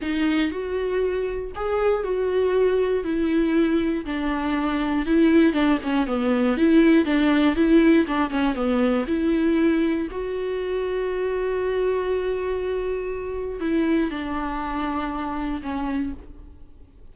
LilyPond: \new Staff \with { instrumentName = "viola" } { \time 4/4 \tempo 4 = 119 dis'4 fis'2 gis'4 | fis'2 e'2 | d'2 e'4 d'8 cis'8 | b4 e'4 d'4 e'4 |
d'8 cis'8 b4 e'2 | fis'1~ | fis'2. e'4 | d'2. cis'4 | }